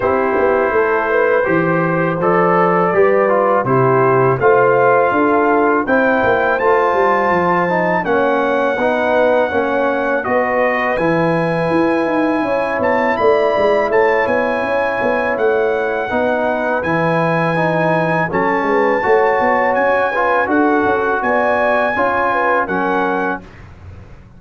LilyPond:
<<
  \new Staff \with { instrumentName = "trumpet" } { \time 4/4 \tempo 4 = 82 c''2. d''4~ | d''4 c''4 f''2 | g''4 a''2 fis''4~ | fis''2 dis''4 gis''4~ |
gis''4. a''8 b''4 a''8 gis''8~ | gis''4 fis''2 gis''4~ | gis''4 a''2 gis''4 | fis''4 gis''2 fis''4 | }
  \new Staff \with { instrumentName = "horn" } { \time 4/4 g'4 a'8 b'8 c''2 | b'4 g'4 c''4 a'4 | c''2. cis''4 | b'4 cis''4 b'2~ |
b'4 cis''4 d''4 cis''4~ | cis''2 b'2~ | b'4 a'8 b'8 cis''4. b'8 | a'4 d''4 cis''8 b'8 ais'4 | }
  \new Staff \with { instrumentName = "trombone" } { \time 4/4 e'2 g'4 a'4 | g'8 f'8 e'4 f'2 | e'4 f'4. dis'8 cis'4 | dis'4 cis'4 fis'4 e'4~ |
e'1~ | e'2 dis'4 e'4 | dis'4 cis'4 fis'4. f'8 | fis'2 f'4 cis'4 | }
  \new Staff \with { instrumentName = "tuba" } { \time 4/4 c'8 b8 a4 e4 f4 | g4 c4 a4 d'4 | c'8 ais8 a8 g8 f4 ais4 | b4 ais4 b4 e4 |
e'8 dis'8 cis'8 b8 a8 gis8 a8 b8 | cis'8 b8 a4 b4 e4~ | e4 fis8 gis8 a8 b8 cis'4 | d'8 cis'8 b4 cis'4 fis4 | }
>>